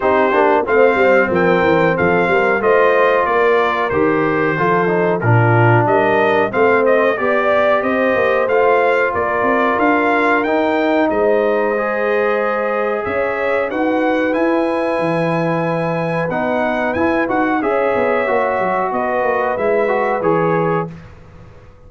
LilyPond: <<
  \new Staff \with { instrumentName = "trumpet" } { \time 4/4 \tempo 4 = 92 c''4 f''4 g''4 f''4 | dis''4 d''4 c''2 | ais'4 dis''4 f''8 dis''8 d''4 | dis''4 f''4 d''4 f''4 |
g''4 dis''2. | e''4 fis''4 gis''2~ | gis''4 fis''4 gis''8 fis''8 e''4~ | e''4 dis''4 e''4 cis''4 | }
  \new Staff \with { instrumentName = "horn" } { \time 4/4 g'4 c''4 ais'4 a'8 ais'8 | c''4 ais'2 a'4 | f'4 ais'4 c''4 d''4 | c''2 ais'2~ |
ais'4 c''2. | cis''4 b'2.~ | b'2. cis''4~ | cis''4 b'2. | }
  \new Staff \with { instrumentName = "trombone" } { \time 4/4 dis'8 d'8 c'2. | f'2 g'4 f'8 dis'8 | d'2 c'4 g'4~ | g'4 f'2. |
dis'2 gis'2~ | gis'4 fis'4 e'2~ | e'4 dis'4 e'8 fis'8 gis'4 | fis'2 e'8 fis'8 gis'4 | }
  \new Staff \with { instrumentName = "tuba" } { \time 4/4 c'8 ais8 a8 g8 f8 e8 f8 g8 | a4 ais4 dis4 f4 | ais,4 g4 a4 b4 | c'8 ais8 a4 ais8 c'8 d'4 |
dis'4 gis2. | cis'4 dis'4 e'4 e4~ | e4 b4 e'8 dis'8 cis'8 b8 | ais8 fis8 b8 ais8 gis4 e4 | }
>>